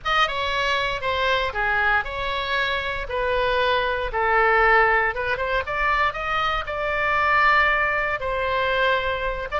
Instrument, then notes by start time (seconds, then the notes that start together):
oboe
0.04 D#5
0.27 C#5
1.01 C5
1.53 G#4
2.04 C#5
3.08 B4
4.12 A4
5.14 B4
5.37 C5
5.66 D5
6.13 D#5
6.66 D5
8.20 C5
9.51 D5